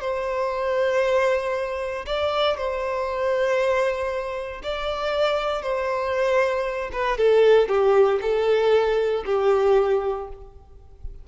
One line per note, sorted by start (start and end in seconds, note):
0.00 2.05 C5
2.06 2.57 D5
2.57 4.62 C5
4.63 5.62 D5
5.62 6.90 C5
6.92 7.17 B4
7.17 7.68 A4
7.68 8.19 G4
8.21 9.24 A4
9.25 10.28 G4